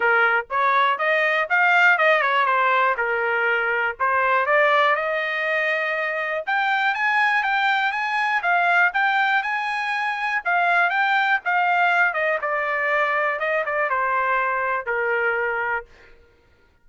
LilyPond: \new Staff \with { instrumentName = "trumpet" } { \time 4/4 \tempo 4 = 121 ais'4 cis''4 dis''4 f''4 | dis''8 cis''8 c''4 ais'2 | c''4 d''4 dis''2~ | dis''4 g''4 gis''4 g''4 |
gis''4 f''4 g''4 gis''4~ | gis''4 f''4 g''4 f''4~ | f''8 dis''8 d''2 dis''8 d''8 | c''2 ais'2 | }